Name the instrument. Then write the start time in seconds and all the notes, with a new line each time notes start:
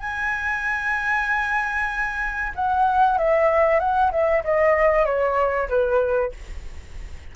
flute
0.00 G#5
2.56 F#5
3.18 E5
3.80 F#5
4.12 E5
4.44 D#5
5.06 C#5
5.69 B4